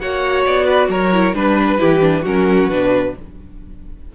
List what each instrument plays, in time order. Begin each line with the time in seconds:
0.00 cello A#3, viola F#4, violin C#5 F#5
0.46 cello B3, violin D5
0.66 violin B4
0.88 cello F#3, violin A#4 C#5
1.13 viola E4
1.35 cello G3, viola D4, violin B4
1.79 cello E3, viola E4, violin G4
2.01 viola D4
2.22 cello F#3, viola C#4, violin F#4 A#4
2.69 cello B2, viola D4, violin B4